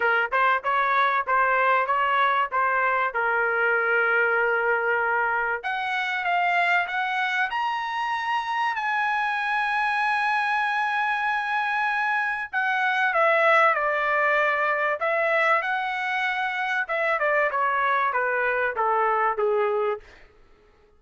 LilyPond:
\new Staff \with { instrumentName = "trumpet" } { \time 4/4 \tempo 4 = 96 ais'8 c''8 cis''4 c''4 cis''4 | c''4 ais'2.~ | ais'4 fis''4 f''4 fis''4 | ais''2 gis''2~ |
gis''1 | fis''4 e''4 d''2 | e''4 fis''2 e''8 d''8 | cis''4 b'4 a'4 gis'4 | }